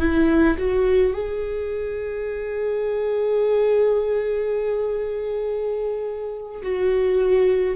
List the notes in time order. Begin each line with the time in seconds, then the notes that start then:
0.00 E4
0.58 F#4
1.14 G#4
6.63 F#4